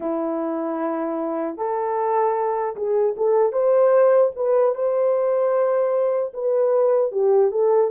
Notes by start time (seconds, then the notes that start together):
0.00 E4
1.57 A4
2.76 G#4
3.16 A4
3.52 C5
4.35 B4
4.74 C5
6.33 B4
7.11 G4
7.51 A4